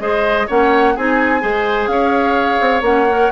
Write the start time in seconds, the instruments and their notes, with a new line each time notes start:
0.00 bassoon G#3, clarinet G#4, oboe C5, flute D#5
0.47 bassoon A#3, clarinet C#4, oboe C#5, flute F#5
0.95 bassoon C4, clarinet D#4, oboe G#4, flute G#5
1.41 bassoon G#3, clarinet G#4, oboe C5
1.87 bassoon C#4, oboe C#5, flute F5
2.61 bassoon C4
2.82 bassoon A#3, clarinet C#4, flute F#5
3.09 clarinet A#4